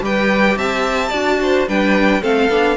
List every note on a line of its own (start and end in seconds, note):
0.00 0.55 G3
0.00 1.11 G4
0.00 0.57 B4
0.00 0.57 G5
0.56 1.11 C4
0.56 1.09 E5
0.56 1.67 A5
1.09 1.67 D4
1.09 1.67 F#4
1.09 1.36 D5
1.41 1.68 C5
1.67 2.23 G3
1.67 2.21 D4
1.67 2.21 B4
1.67 2.23 G5
2.21 2.48 A3
2.21 2.48 C4
2.21 2.76 A4
2.21 2.76 F5
2.48 2.76 B3
2.48 2.76 D4